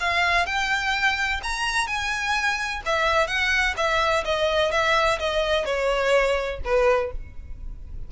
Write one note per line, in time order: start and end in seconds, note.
0.00 0.46 F5
0.46 1.40 G5
1.43 1.87 A#5
1.87 2.82 G#5
2.86 3.27 E5
3.27 3.75 F#5
3.77 4.24 E5
4.25 4.72 D#5
4.72 5.19 E5
5.19 5.65 D#5
5.65 6.60 C#5
6.65 7.12 B4